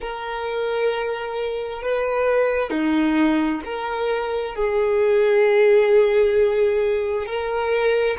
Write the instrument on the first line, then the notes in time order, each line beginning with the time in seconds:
violin
0.00 A#4
1.82 B4
2.70 D#4
3.64 A#4
4.55 G#4
7.26 A#4